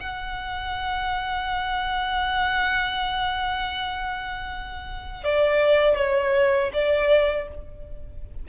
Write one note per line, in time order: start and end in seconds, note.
0.00 5.24 F#5
5.24 5.97 D5
5.97 6.72 C#5
6.73 7.48 D5